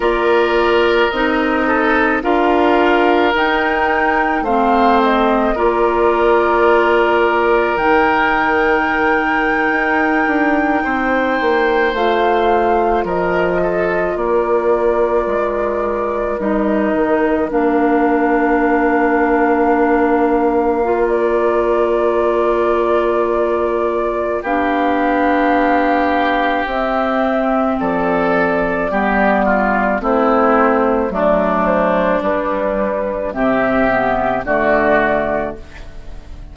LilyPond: <<
  \new Staff \with { instrumentName = "flute" } { \time 4/4 \tempo 4 = 54 d''4 dis''4 f''4 g''4 | f''8 dis''8 d''2 g''4~ | g''2~ g''8. f''4 dis''16~ | dis''8. d''2 dis''4 f''16~ |
f''2. d''4~ | d''2 f''2 | e''4 d''2 c''4 | d''8 c''8 b'4 e''4 d''4 | }
  \new Staff \with { instrumentName = "oboe" } { \time 4/4 ais'4. a'8 ais'2 | c''4 ais'2.~ | ais'4.~ ais'16 c''2 ais'16~ | ais'16 a'8 ais'2.~ ais'16~ |
ais'1~ | ais'2 g'2~ | g'4 a'4 g'8 f'8 e'4 | d'2 g'4 fis'4 | }
  \new Staff \with { instrumentName = "clarinet" } { \time 4/4 f'4 dis'4 f'4 dis'4 | c'4 f'2 dis'4~ | dis'2~ dis'8. f'4~ f'16~ | f'2~ f'8. dis'4 d'16~ |
d'2~ d'8. f'4~ f'16~ | f'2 d'2 | c'2 b4 c'4 | a4 g4 c'8 b8 a4 | }
  \new Staff \with { instrumentName = "bassoon" } { \time 4/4 ais4 c'4 d'4 dis'4 | a4 ais2 dis4~ | dis8. dis'8 d'8 c'8 ais8 a4 f16~ | f8. ais4 gis4 g8 dis8 ais16~ |
ais1~ | ais2 b2 | c'4 f4 g4 a4 | fis4 g4 c4 d4 | }
>>